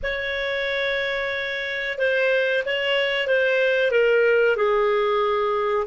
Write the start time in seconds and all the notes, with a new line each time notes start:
0.02 C#5
1.98 C5
2.65 C#5
3.27 C5
3.91 A#4
4.56 G#4